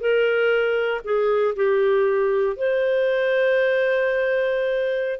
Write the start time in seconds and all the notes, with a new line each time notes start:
0.00 A#4
1.04 G#4
1.56 G4
2.56 C5